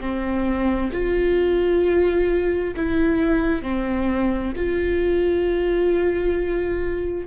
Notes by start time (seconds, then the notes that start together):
0.00 C4
0.93 F4
2.76 E4
3.62 C4
4.56 F4